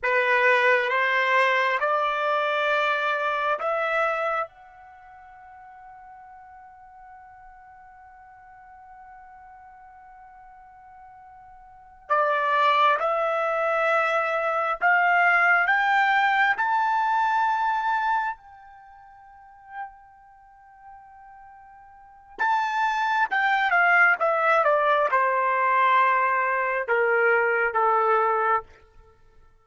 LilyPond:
\new Staff \with { instrumentName = "trumpet" } { \time 4/4 \tempo 4 = 67 b'4 c''4 d''2 | e''4 fis''2.~ | fis''1~ | fis''4. d''4 e''4.~ |
e''8 f''4 g''4 a''4.~ | a''8 g''2.~ g''8~ | g''4 a''4 g''8 f''8 e''8 d''8 | c''2 ais'4 a'4 | }